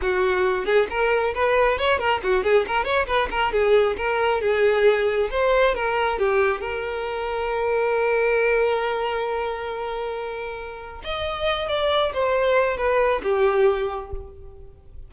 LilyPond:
\new Staff \with { instrumentName = "violin" } { \time 4/4 \tempo 4 = 136 fis'4. gis'8 ais'4 b'4 | cis''8 ais'8 fis'8 gis'8 ais'8 cis''8 b'8 ais'8 | gis'4 ais'4 gis'2 | c''4 ais'4 g'4 ais'4~ |
ais'1~ | ais'1~ | ais'4 dis''4. d''4 c''8~ | c''4 b'4 g'2 | }